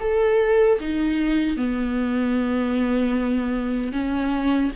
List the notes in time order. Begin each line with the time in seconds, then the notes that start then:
0.00 A4
0.80 D#4
1.57 B3
3.92 C#4